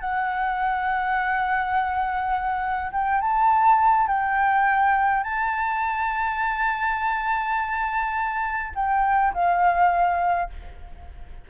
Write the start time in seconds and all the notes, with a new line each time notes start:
0.00 F#5
2.91 G5
3.21 A5
4.07 G5
5.23 A5
8.75 G5
9.33 F5